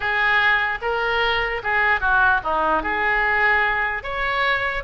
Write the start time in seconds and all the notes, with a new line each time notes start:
0.00 G#4
0.81 A#4
1.63 G#4
2.00 F#4
2.43 D#4
2.82 G#4
4.03 C#5